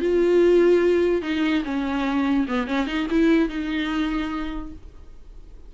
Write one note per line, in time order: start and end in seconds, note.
0.00 1.22 F4
1.22 1.63 D#4
1.64 2.47 C#4
2.48 2.67 B3
2.67 2.87 C#4
2.87 3.07 D#4
3.10 3.49 E4
3.49 4.72 D#4